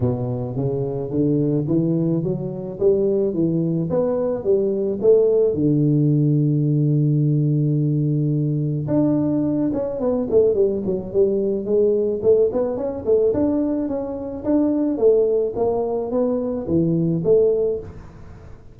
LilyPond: \new Staff \with { instrumentName = "tuba" } { \time 4/4 \tempo 4 = 108 b,4 cis4 d4 e4 | fis4 g4 e4 b4 | g4 a4 d2~ | d1 |
d'4. cis'8 b8 a8 g8 fis8 | g4 gis4 a8 b8 cis'8 a8 | d'4 cis'4 d'4 a4 | ais4 b4 e4 a4 | }